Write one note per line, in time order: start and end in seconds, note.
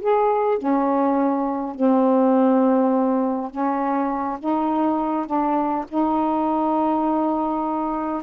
0.00 0.58 G#4
0.58 1.75 C#4
1.75 3.50 C4
3.50 4.38 C#4
4.39 5.26 D#4
5.26 5.84 D4
5.88 8.22 D#4